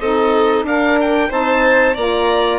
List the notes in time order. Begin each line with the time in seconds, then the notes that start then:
0.00 C4 D#4 A4 D#5
0.63 D4 A#4 F5
1.01 G5
1.29 C4 D#4 C5 A5
1.95 A#3 F4 D5 A#5